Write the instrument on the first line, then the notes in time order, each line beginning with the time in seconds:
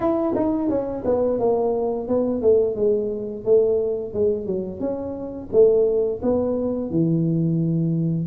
tuba
0.00 E4
0.35 D#4
0.69 C#4
1.05 B3
1.39 A#3
2.08 B3
2.41 A3
2.75 G#3
3.45 A3
4.13 G#3
4.46 F#3
4.80 C#4
5.52 A3
6.22 B3
6.90 E3